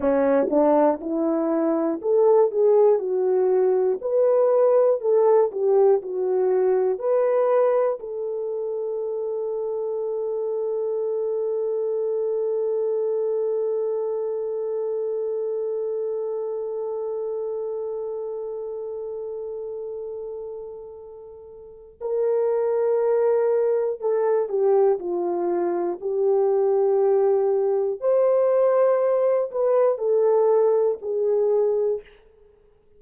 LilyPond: \new Staff \with { instrumentName = "horn" } { \time 4/4 \tempo 4 = 60 cis'8 d'8 e'4 a'8 gis'8 fis'4 | b'4 a'8 g'8 fis'4 b'4 | a'1~ | a'1~ |
a'1~ | a'2 ais'2 | a'8 g'8 f'4 g'2 | c''4. b'8 a'4 gis'4 | }